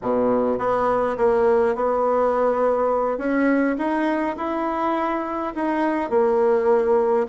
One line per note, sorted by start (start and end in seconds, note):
0.02 0.58 B2
0.58 1.16 B3
1.17 1.75 A#3
1.75 3.18 B3
3.18 3.76 C#4
3.77 4.36 D#4
4.37 5.53 E4
5.55 6.10 D#4
6.10 7.26 A#3